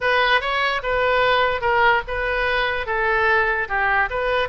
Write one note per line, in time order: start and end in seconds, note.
0.01 0.40 B4
0.40 0.81 C#5
0.82 1.61 B4
1.61 2.02 A#4
2.07 2.86 B4
2.86 3.68 A4
3.68 4.09 G4
4.10 4.49 B4